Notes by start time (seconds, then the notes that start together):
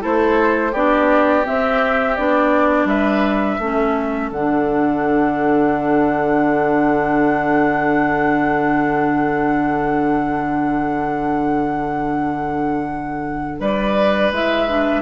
0.00 A3 E4 A4 C5
0.72 B3 D4 G4 D5
1.45 C4 E5
2.16 B3 D4 D5
2.85 G3 B4 E5
3.59 A3 C#4 A4
4.32 D3 D4 F#5
13.60 G3 B4 D5
14.32 G#3 E4 E5
14.68 D4